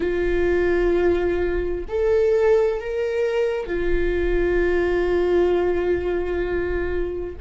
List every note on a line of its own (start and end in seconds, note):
0.00 1.85 F4
1.88 2.80 A4
2.80 3.66 A#4
3.66 7.36 F4